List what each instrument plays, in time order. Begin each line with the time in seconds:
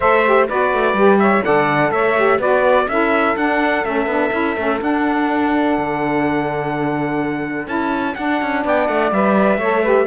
0.00 cello A3, saxophone A4 C5, trumpet E5
0.25 saxophone G4
0.48 cello B3, saxophone F#4 B4, trumpet D5
0.73 cello A3
0.93 cello G3, saxophone G4
1.18 saxophone C#5, trumpet E5
1.44 cello D3, saxophone A4 D5, trumpet F#5
1.90 cello A3, saxophone C#5, trumpet E5
2.16 saxophone G4
2.39 cello B3, saxophone F#4 B4, trumpet D5
2.86 cello C#4, saxophone E4 A4, trumpet E5
3.36 cello D4, saxophone D4, trumpet F#5
3.85 cello A3, saxophone C#4, trumpet E5
4.05 cello B3, saxophone D4
4.32 cello C#4, saxophone E4
4.56 cello A3, saxophone C#4
4.80 saxophone D4, cello D4, trumpet F#5
5.78 cello D3
7.66 cello C#4, saxophone E4, trumpet A5
8.15 saxophone D4, cello D4, trumpet F#5
8.41 cello C#4
8.64 cello B3, saxophone D5, trumpet G5
8.87 cello A3, trumpet F#5
9.11 cello G3, saxophone B4, trumpet E5
9.57 cello A3, saxophone A4 C#5
9.82 saxophone G4 B4